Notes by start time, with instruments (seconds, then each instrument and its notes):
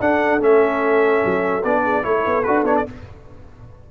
0.00 tuba D4, trombone D4, horn A4, trumpet F#5
0.39 tuba A3, trombone C#4, trumpet E5
1.25 tuba F#3
1.64 tuba B3, trombone D4, trumpet D5
1.83 horn G#4
2.02 tuba A3, trombone E4, trumpet C#5
2.09 horn A4
2.26 tuba B3
2.43 tuba D4, trombone F#4, trumpet B4
2.64 tuba B3, trombone D4, trumpet C#5
2.77 trumpet D5